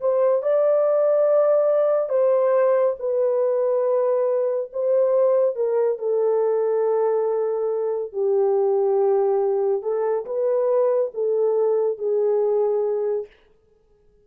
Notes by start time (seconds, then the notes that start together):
0.00 C5
0.42 D5
2.09 C5
2.99 B4
4.72 C5
5.56 A#4
5.98 A4
8.12 G4
9.82 A4
10.25 B4
11.14 A4
11.98 G#4